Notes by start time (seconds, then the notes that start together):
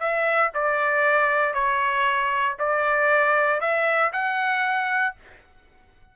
0.00 E5
0.54 D5
1.54 C#5
2.59 D5
3.61 E5
4.13 F#5